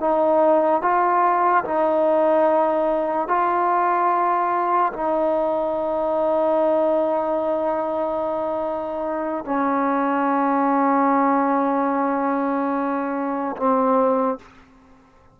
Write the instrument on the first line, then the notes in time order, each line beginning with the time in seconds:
trombone
0.00 D#4
0.82 F4
1.64 D#4
3.28 F4
4.93 D#4
9.45 C#4
13.56 C4